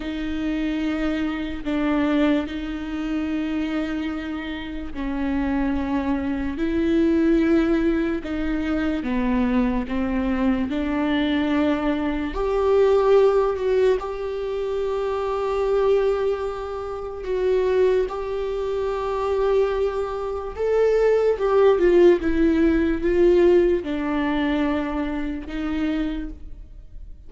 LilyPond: \new Staff \with { instrumentName = "viola" } { \time 4/4 \tempo 4 = 73 dis'2 d'4 dis'4~ | dis'2 cis'2 | e'2 dis'4 b4 | c'4 d'2 g'4~ |
g'8 fis'8 g'2.~ | g'4 fis'4 g'2~ | g'4 a'4 g'8 f'8 e'4 | f'4 d'2 dis'4 | }